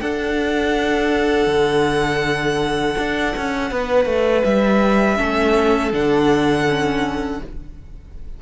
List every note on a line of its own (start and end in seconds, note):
0.00 5.17 D4
0.00 1.47 D4
0.00 3.71 A4
0.00 4.44 F#5
1.47 2.95 D3
2.98 3.35 D4
3.36 3.71 C#4
3.71 4.05 B3
3.71 5.18 B4
4.05 4.42 A3
4.44 5.19 G3
4.44 5.92 E5
5.17 5.92 A3
5.17 5.91 C#4
5.17 7.40 A4
5.92 7.40 D3
5.92 6.67 D4
5.92 7.42 F#5
6.68 7.42 C#4